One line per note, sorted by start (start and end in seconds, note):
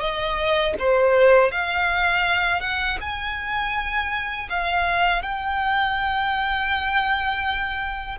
0.00 0.74 D#5
0.79 1.51 C5
1.51 2.61 F5
2.61 2.98 F#5
3.00 4.48 G#5
4.49 5.22 F5
5.22 8.18 G5